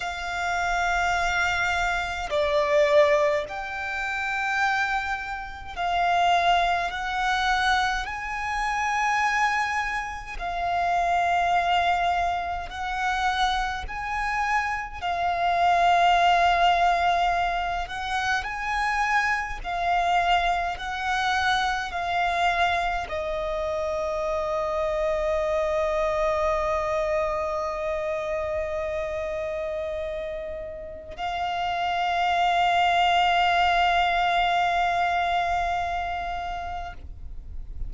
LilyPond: \new Staff \with { instrumentName = "violin" } { \time 4/4 \tempo 4 = 52 f''2 d''4 g''4~ | g''4 f''4 fis''4 gis''4~ | gis''4 f''2 fis''4 | gis''4 f''2~ f''8 fis''8 |
gis''4 f''4 fis''4 f''4 | dis''1~ | dis''2. f''4~ | f''1 | }